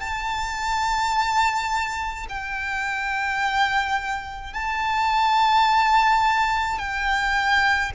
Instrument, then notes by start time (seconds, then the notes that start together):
violin
0.00 A5
2.29 G5
4.53 A5
6.79 G5